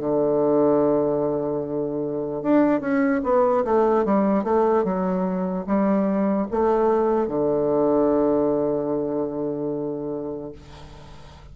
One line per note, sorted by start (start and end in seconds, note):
0.00 2.43 D3
2.43 2.81 D4
2.81 3.22 C#4
3.24 3.64 B3
3.65 4.05 A3
4.05 4.44 G3
4.44 4.85 A3
4.85 5.66 F#3
5.67 6.48 G3
6.52 7.28 A3
7.28 10.53 D3